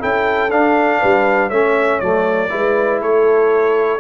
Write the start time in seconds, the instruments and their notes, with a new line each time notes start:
0.00 tuba C#4, trombone E4, horn A4, trumpet G5
0.51 tuba D4, trombone D4, trumpet F5
0.99 tuba G3, horn B4
1.49 tuba A3, trombone C#4, horn C#5, trumpet E5
2.00 tuba F#3, trombone A3, trumpet D5
2.50 tuba G#3, trombone E4, horn B4
3.01 tuba A3, horn A4, trumpet C#5